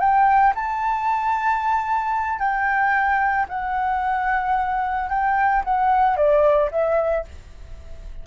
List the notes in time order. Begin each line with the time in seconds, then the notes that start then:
0.00 G5
0.55 A5
2.39 G5
3.49 F#5
5.10 G5
5.65 F#5
6.17 D5
6.71 E5